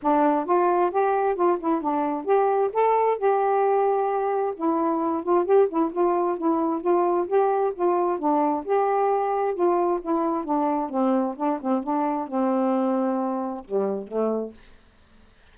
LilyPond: \new Staff \with { instrumentName = "saxophone" } { \time 4/4 \tempo 4 = 132 d'4 f'4 g'4 f'8 e'8 | d'4 g'4 a'4 g'4~ | g'2 e'4. f'8 | g'8 e'8 f'4 e'4 f'4 |
g'4 f'4 d'4 g'4~ | g'4 f'4 e'4 d'4 | c'4 d'8 c'8 d'4 c'4~ | c'2 g4 a4 | }